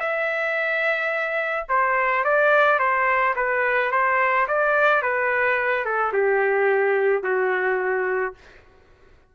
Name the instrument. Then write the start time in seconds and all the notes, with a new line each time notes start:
trumpet
0.00 E5
1.68 C5
2.24 D5
2.79 C5
3.36 B4
3.91 C5
4.48 D5
5.02 B4
5.85 A4
6.13 G4
7.23 F#4